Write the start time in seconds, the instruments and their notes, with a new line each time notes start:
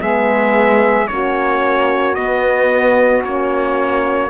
0.00 cello G#3, horn B3, saxophone G#4, trumpet E5
1.08 cello A#3, horn C#4, saxophone F#4, trumpet C#5
2.15 horn B3, cello B3, trumpet D#5
3.23 cello A#3, horn C#4, trumpet C#5